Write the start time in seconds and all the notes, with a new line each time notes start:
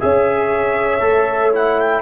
0.00 C#4 G#4 C#5 E5
1.01 A3 A4
1.52 E4 F#5
1.80 G5